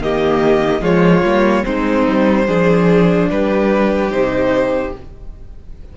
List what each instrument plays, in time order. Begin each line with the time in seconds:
0.00 cello D#3, viola A#3, violin G4 D#5
0.81 cello F3, viola G#3, violin F4 C#5
1.23 cello G3, viola A#3
1.64 cello G#3, viola C4, violin D#4 C5
2.07 cello G3
2.47 cello F3, viola D4, violin G#4
3.30 cello G3, violin G4 B4
4.10 cello C3, viola D#4, violin C5